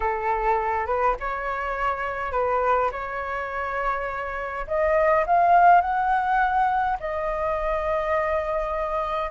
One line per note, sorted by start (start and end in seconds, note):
0.00 0.86 A4
0.86 1.15 B4
1.20 2.32 C#5
2.32 2.90 B4
2.91 4.66 C#5
4.67 5.25 D#5
5.26 5.81 F5
5.81 6.97 F#5
7.00 9.30 D#5